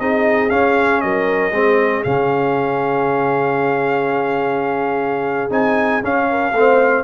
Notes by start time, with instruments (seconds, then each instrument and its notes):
0.00 tuba C4, trombone D#4, horn G#4, trumpet D#5
0.50 trombone C#4, tuba C#4, trumpet F5
1.01 tuba F#3, horn A#4, trumpet D#5
1.52 tuba G#3, trombone C4, horn G#4
2.04 tuba C#3, trombone C#4, trumpet F5
5.51 tuba C4, trombone D#4, trumpet G#5
6.03 trombone C#4, tuba C#4, trumpet F5
6.30 horn A#4
6.53 tuba A3, trombone C4, horn C5